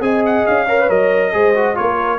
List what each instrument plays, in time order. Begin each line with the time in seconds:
0.00 tuba C4, trombone G#4, horn D#5, trumpet G#5
0.26 trumpet F#5
0.47 tuba C#4, trumpet F5
0.65 trombone A#4, horn C#5
0.80 trombone B4
0.90 tuba F#3, trombone A#4, trumpet D#5
1.33 tuba G#3, trombone G#4, horn C5
1.55 trombone F#4
1.75 tuba A#3, trombone F4, horn A#4, trumpet C#5